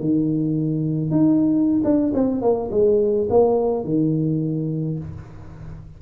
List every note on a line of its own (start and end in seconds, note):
0.00 1.11 D#3
1.11 1.82 D#4
1.84 2.13 D4
2.14 2.42 C4
2.42 2.70 A#3
2.71 3.28 G#3
3.30 3.85 A#3
3.85 4.99 D#3